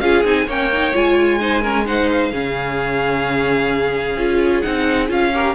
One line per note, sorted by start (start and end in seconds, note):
0.00 0.23 C#4
0.00 0.24 F4
0.00 0.46 G#4
0.00 0.23 F5
0.24 0.46 C4
0.24 0.47 D#4
0.24 0.49 G#5
0.46 0.92 A#3
0.46 0.72 C#4
0.46 1.39 C#5
0.46 0.96 G5
0.72 0.93 D#4
0.93 2.32 G#3
0.93 1.39 F4
0.93 1.86 G#5
1.40 1.63 D#4
1.40 1.61 C5
1.61 1.86 C#4
1.61 1.84 A#4
1.86 2.32 D#4
1.86 2.31 C5
1.86 2.09 F#5
2.11 4.60 F5
2.31 4.16 C#3
2.31 4.17 C#4
2.31 5.31 G#4
4.16 4.63 C#4
4.16 4.64 F4
4.60 5.09 C4
4.60 5.08 D#4
4.60 5.06 F#5
5.08 5.55 C#4
5.08 5.31 F4
5.08 5.55 F5
5.34 5.55 G4
5.34 5.55 A#4